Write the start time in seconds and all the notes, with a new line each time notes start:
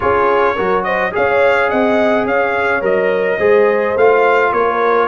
0.00 C#4 F4 G#4 C#5
0.55 F#3 F#4 A#4
0.83 C5 D#5
1.11 C#4 G#4 C#5 F5
1.69 C4 D#5 F#5
2.25 C#4 C#5 F5
2.81 F#3 A#4 D#5
3.37 G#3 G#4 C5
3.96 A3 F4 F5
4.52 A#3 A#4 C#5